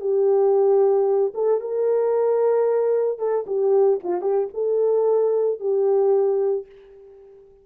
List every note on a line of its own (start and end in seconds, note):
0.00 1.33 G4
1.34 1.60 A4
1.60 3.18 A#4
3.18 3.45 A4
3.46 3.99 G4
4.03 4.21 F4
4.21 4.48 G4
4.53 5.59 A4
5.59 6.66 G4